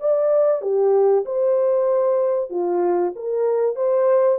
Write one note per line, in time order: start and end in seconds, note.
0.00 0.61 D5
0.61 1.25 G4
1.25 2.50 C5
2.50 3.13 F4
3.15 3.76 A#4
3.76 4.38 C5